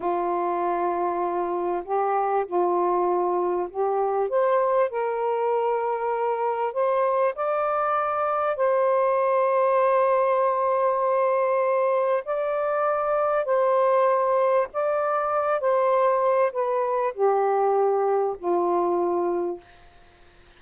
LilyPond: \new Staff \with { instrumentName = "saxophone" } { \time 4/4 \tempo 4 = 98 f'2. g'4 | f'2 g'4 c''4 | ais'2. c''4 | d''2 c''2~ |
c''1 | d''2 c''2 | d''4. c''4. b'4 | g'2 f'2 | }